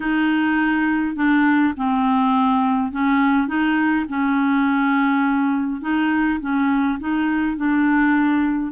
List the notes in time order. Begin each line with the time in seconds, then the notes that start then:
0.00 D#4
1.15 D4
1.76 C4
2.92 C#4
3.47 D#4
4.09 C#4
5.81 D#4
6.40 C#4
6.99 D#4
7.56 D4